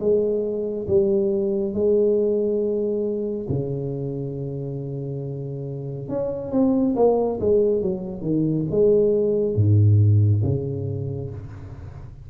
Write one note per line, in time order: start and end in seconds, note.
0.00 0.87 G#3
0.87 1.74 G3
1.74 3.47 G#3
3.49 6.08 C#3
6.08 6.52 C#4
6.52 6.95 C4
6.96 7.39 A#3
7.40 7.82 G#3
7.82 8.21 F#3
8.21 8.65 D#3
8.70 9.56 G#3
9.56 10.43 G#2
10.43 11.30 C#3